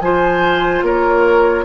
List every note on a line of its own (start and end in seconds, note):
0.00 0.82 F3
0.00 1.64 F4
0.00 0.85 C5
0.00 0.83 G#5
0.82 1.64 A#3
0.82 1.64 A#4
0.82 1.64 C#5